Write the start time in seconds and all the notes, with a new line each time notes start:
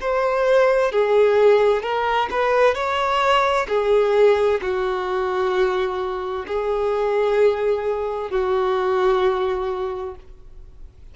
0.00 C5
0.92 G#4
1.83 A#4
2.30 B4
2.74 C#5
3.68 G#4
4.61 F#4
6.47 G#4
8.30 F#4